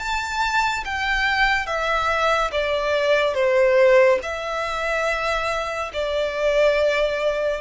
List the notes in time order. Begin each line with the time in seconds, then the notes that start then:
0.00 A5
0.85 G5
1.67 E5
2.52 D5
3.35 C5
4.23 E5
5.94 D5